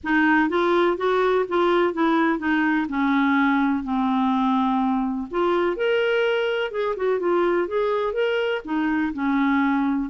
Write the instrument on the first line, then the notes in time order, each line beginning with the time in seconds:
clarinet
0.03 D#4
0.49 F4
0.97 F#4
1.48 F4
1.93 E4
2.38 D#4
2.88 C#4
3.83 C4
5.30 F4
5.76 A#4
6.71 G#4
6.96 F#4
7.19 F4
7.67 G#4
8.13 A#4
8.64 D#4
9.13 C#4